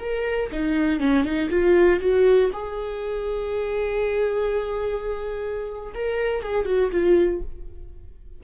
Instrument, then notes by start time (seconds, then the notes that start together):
viola
0.00 A#4
0.52 D#4
1.00 C#4
1.24 D#4
1.50 F4
2.00 F#4
2.53 G#4
5.94 A#4
6.43 G#4
6.65 F#4
6.91 F4